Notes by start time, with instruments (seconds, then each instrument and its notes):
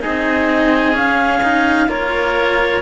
0.00 cello C4 D#4, oboe G#4, clarinet D#5
0.92 cello C#4, clarinet F5
1.43 cello D#4
1.88 cello A#3 F4, oboe A#4, clarinet C#5